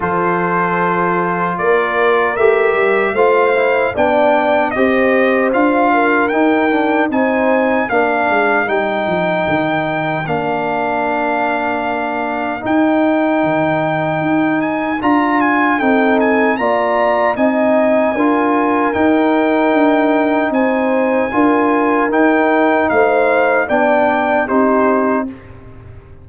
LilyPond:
<<
  \new Staff \with { instrumentName = "trumpet" } { \time 4/4 \tempo 4 = 76 c''2 d''4 e''4 | f''4 g''4 dis''4 f''4 | g''4 gis''4 f''4 g''4~ | g''4 f''2. |
g''2~ g''8 gis''8 ais''8 gis''8 | g''8 gis''8 ais''4 gis''2 | g''2 gis''2 | g''4 f''4 g''4 c''4 | }
  \new Staff \with { instrumentName = "horn" } { \time 4/4 a'2 ais'2 | c''4 d''4 c''4. ais'8~ | ais'4 c''4 ais'2~ | ais'1~ |
ais'1 | a'4 d''4 dis''4 ais'4~ | ais'2 c''4 ais'4~ | ais'4 c''4 d''4 g'4 | }
  \new Staff \with { instrumentName = "trombone" } { \time 4/4 f'2. g'4 | f'8 e'8 d'4 g'4 f'4 | dis'8 d'8 dis'4 d'4 dis'4~ | dis'4 d'2. |
dis'2. f'4 | dis'4 f'4 dis'4 f'4 | dis'2. f'4 | dis'2 d'4 dis'4 | }
  \new Staff \with { instrumentName = "tuba" } { \time 4/4 f2 ais4 a8 g8 | a4 b4 c'4 d'4 | dis'4 c'4 ais8 gis8 g8 f8 | dis4 ais2. |
dis'4 dis4 dis'4 d'4 | c'4 ais4 c'4 d'4 | dis'4 d'4 c'4 d'4 | dis'4 a4 b4 c'4 | }
>>